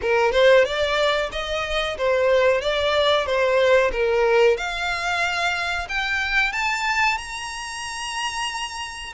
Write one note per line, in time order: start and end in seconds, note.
0.01 0.32 A#4
0.32 0.64 C5
0.64 1.30 D5
1.32 1.97 D#5
1.97 2.61 C5
2.61 3.26 D5
3.26 3.91 C5
3.91 4.57 A#4
4.57 5.87 F5
5.88 6.52 G5
6.52 7.17 A5
7.17 9.13 A#5